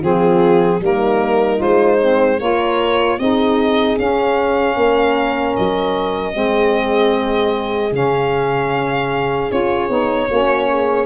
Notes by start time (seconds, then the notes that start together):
0.00 F3 C4 F4 G#4
0.81 G3 A#3 D#4 A#4
1.57 G#3 F4 C5
2.01 C4
2.39 A#3 F4 A#4 C#5
3.19 C4 D#4 G#4 D#5
3.97 C#4 F5
4.76 A#3 A#4
5.56 F#3 D#5
6.32 G#3 C4 G#4
7.92 C#3 C#4 F5
9.50 C#4 F4 C#5
9.88 B3 D#4
10.29 A#3 C#4 F#4
10.70 G#4